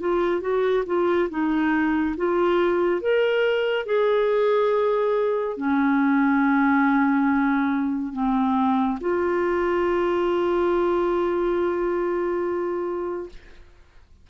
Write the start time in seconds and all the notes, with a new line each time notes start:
0.00 F4
0.41 F#4
0.86 F4
1.30 D#4
2.17 F4
3.01 A#4
3.86 G#4
5.57 C#4
8.13 C4
9.01 F4